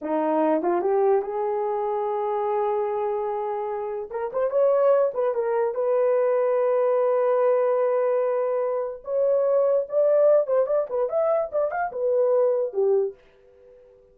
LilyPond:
\new Staff \with { instrumentName = "horn" } { \time 4/4 \tempo 4 = 146 dis'4. f'8 g'4 gis'4~ | gis'1~ | gis'2 ais'8 c''8 cis''4~ | cis''8 b'8 ais'4 b'2~ |
b'1~ | b'2 cis''2 | d''4. c''8 d''8 b'8 e''4 | d''8 f''8 b'2 g'4 | }